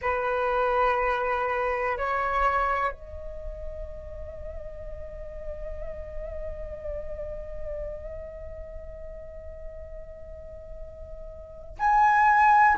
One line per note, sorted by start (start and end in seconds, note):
0.01 1.97 B4
1.97 2.92 C#5
2.92 11.77 D#5
11.79 12.77 G#5